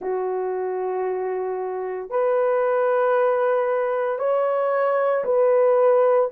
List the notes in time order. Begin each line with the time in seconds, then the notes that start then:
0.01 F#4
2.10 B4
4.18 C#5
5.24 B4